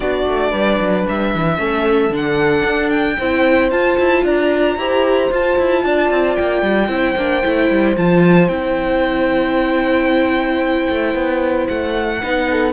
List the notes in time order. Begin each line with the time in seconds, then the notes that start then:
0.00 B3 D4 F#4 D5
0.26 A3
0.50 G3 B4
0.80 F#3
1.08 G3 E5
1.34 E3
1.57 A3 C#4 A4
2.10 D3 D4
2.16 F#5
2.64 D4
2.89 G5
3.17 C4 E4 C5
3.70 F4 A5
3.98 E4
4.23 D4 D5 A#5
4.76 E4 G4 C5
5.30 F4 A5
5.57 E4
5.84 D4 D5
6.10 C4
6.35 A#3 G5
6.62 G3
6.88 C4 E4 C5
7.16 A#3 D4
7.42 A3 E4
7.69 G3
7.97 F3 F4 A5
8.48 C4 E4 G5
10.89 A3
11.14 B3
11.67 A3 F#5
12.20 B3 D#4 B4
12.50 A4